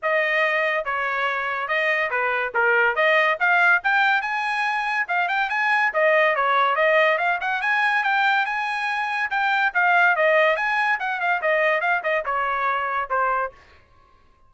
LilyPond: \new Staff \with { instrumentName = "trumpet" } { \time 4/4 \tempo 4 = 142 dis''2 cis''2 | dis''4 b'4 ais'4 dis''4 | f''4 g''4 gis''2 | f''8 g''8 gis''4 dis''4 cis''4 |
dis''4 f''8 fis''8 gis''4 g''4 | gis''2 g''4 f''4 | dis''4 gis''4 fis''8 f''8 dis''4 | f''8 dis''8 cis''2 c''4 | }